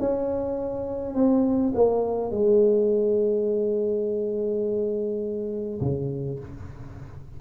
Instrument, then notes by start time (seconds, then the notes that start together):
tuba
0.00 C#4
1.15 C4
1.75 A#3
2.32 G#3
5.82 C#3